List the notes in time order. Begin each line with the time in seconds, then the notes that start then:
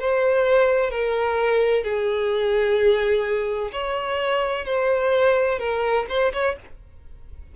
0.00 C5
0.91 A#4
1.84 G#4
3.72 C#5
4.65 C5
5.59 A#4
6.09 C5
6.33 C#5